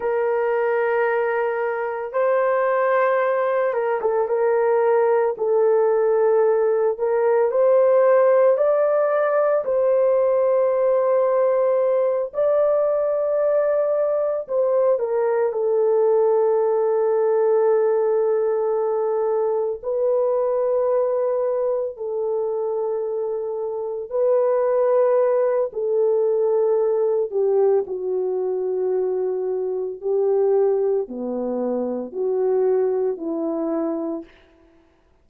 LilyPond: \new Staff \with { instrumentName = "horn" } { \time 4/4 \tempo 4 = 56 ais'2 c''4. ais'16 a'16 | ais'4 a'4. ais'8 c''4 | d''4 c''2~ c''8 d''8~ | d''4. c''8 ais'8 a'4.~ |
a'2~ a'8 b'4.~ | b'8 a'2 b'4. | a'4. g'8 fis'2 | g'4 b4 fis'4 e'4 | }